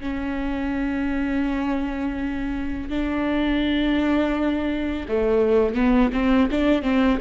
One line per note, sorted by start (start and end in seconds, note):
0.00 2.89 C#4
2.89 5.06 D4
5.08 5.74 A3
5.74 6.11 B3
6.12 6.49 C4
6.51 6.82 D4
6.82 7.18 C4